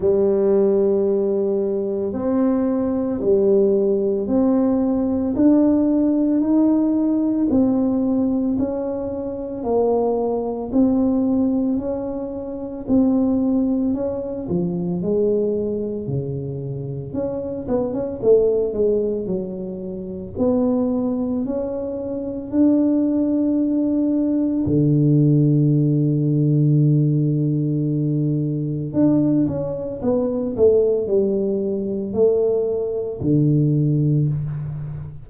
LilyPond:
\new Staff \with { instrumentName = "tuba" } { \time 4/4 \tempo 4 = 56 g2 c'4 g4 | c'4 d'4 dis'4 c'4 | cis'4 ais4 c'4 cis'4 | c'4 cis'8 f8 gis4 cis4 |
cis'8 b16 cis'16 a8 gis8 fis4 b4 | cis'4 d'2 d4~ | d2. d'8 cis'8 | b8 a8 g4 a4 d4 | }